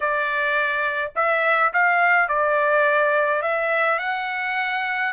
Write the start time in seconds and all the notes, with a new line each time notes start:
0.00 D5
1.15 E5
1.73 F5
2.28 D5
3.42 E5
3.98 F#5